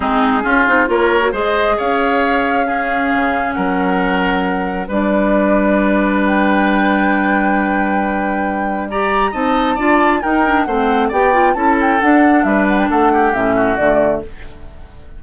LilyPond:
<<
  \new Staff \with { instrumentName = "flute" } { \time 4/4 \tempo 4 = 135 gis'2 cis''4 dis''4 | f''1 | fis''2. d''4~ | d''2 g''2~ |
g''1 | ais''4 a''2 g''4 | fis''4 g''4 a''8 g''8 fis''4 | e''8 fis''16 g''16 fis''4 e''4 d''4 | }
  \new Staff \with { instrumentName = "oboe" } { \time 4/4 dis'4 f'4 ais'4 c''4 | cis''2 gis'2 | ais'2. b'4~ | b'1~ |
b'1 | d''4 dis''4 d''4 ais'4 | c''4 d''4 a'2 | b'4 a'8 g'4 fis'4. | }
  \new Staff \with { instrumentName = "clarinet" } { \time 4/4 c'4 cis'8 dis'8 f'8. fis'16 gis'4~ | gis'2 cis'2~ | cis'2. d'4~ | d'1~ |
d'1 | g'4 dis'4 f'4 dis'8 d'8 | c'4 g'8 f'8 e'4 d'4~ | d'2 cis'4 a4 | }
  \new Staff \with { instrumentName = "bassoon" } { \time 4/4 gis4 cis'8 c'8 ais4 gis4 | cis'2. cis4 | fis2. g4~ | g1~ |
g1~ | g4 c'4 d'4 dis'4 | a4 b4 cis'4 d'4 | g4 a4 a,4 d4 | }
>>